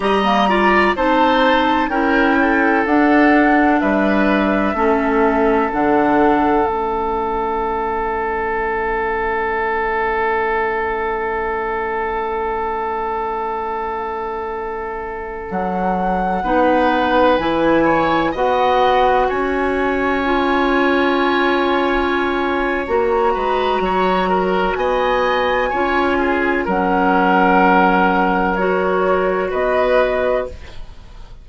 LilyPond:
<<
  \new Staff \with { instrumentName = "flute" } { \time 4/4 \tempo 4 = 63 ais''4 a''4 g''4 fis''4 | e''2 fis''4 e''4~ | e''1~ | e''1~ |
e''16 fis''2 gis''4 fis''8.~ | fis''16 gis''2.~ gis''8. | ais''2 gis''2 | fis''2 cis''4 dis''4 | }
  \new Staff \with { instrumentName = "oboe" } { \time 4/4 dis''8 d''8 c''4 ais'8 a'4. | b'4 a'2.~ | a'1~ | a'1~ |
a'4~ a'16 b'4. cis''8 dis''8.~ | dis''16 cis''2.~ cis''8.~ | cis''8 b'8 cis''8 ais'8 dis''4 cis''8 gis'8 | ais'2. b'4 | }
  \new Staff \with { instrumentName = "clarinet" } { \time 4/4 g'16 ais16 f'8 dis'4 e'4 d'4~ | d'4 cis'4 d'4 cis'4~ | cis'1~ | cis'1~ |
cis'4~ cis'16 dis'4 e'4 fis'8.~ | fis'4~ fis'16 f'2~ f'8. | fis'2. f'4 | cis'2 fis'2 | }
  \new Staff \with { instrumentName = "bassoon" } { \time 4/4 g4 c'4 cis'4 d'4 | g4 a4 d4 a4~ | a1~ | a1~ |
a16 fis4 b4 e4 b8.~ | b16 cis'2.~ cis'8. | ais8 gis8 fis4 b4 cis'4 | fis2. b4 | }
>>